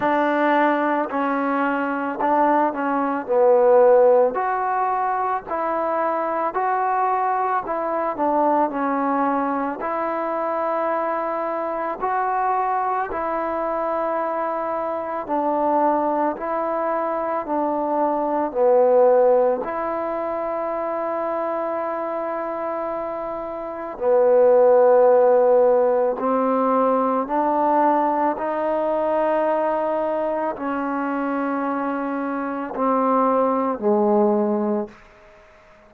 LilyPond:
\new Staff \with { instrumentName = "trombone" } { \time 4/4 \tempo 4 = 55 d'4 cis'4 d'8 cis'8 b4 | fis'4 e'4 fis'4 e'8 d'8 | cis'4 e'2 fis'4 | e'2 d'4 e'4 |
d'4 b4 e'2~ | e'2 b2 | c'4 d'4 dis'2 | cis'2 c'4 gis4 | }